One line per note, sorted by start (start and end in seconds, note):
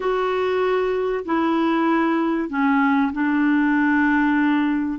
0.00 1.24 F#4
1.25 2.49 E4
2.49 3.11 C#4
3.12 4.99 D4